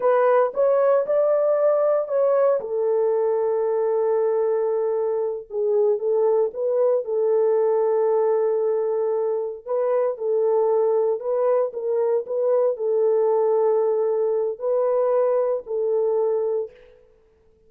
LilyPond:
\new Staff \with { instrumentName = "horn" } { \time 4/4 \tempo 4 = 115 b'4 cis''4 d''2 | cis''4 a'2.~ | a'2~ a'8 gis'4 a'8~ | a'8 b'4 a'2~ a'8~ |
a'2~ a'8 b'4 a'8~ | a'4. b'4 ais'4 b'8~ | b'8 a'2.~ a'8 | b'2 a'2 | }